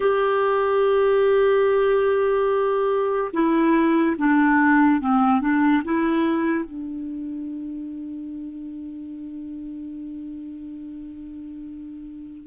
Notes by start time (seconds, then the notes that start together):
0.00 G4
3.33 E4
4.17 D4
5.00 C4
5.40 D4
5.84 E4
6.64 D4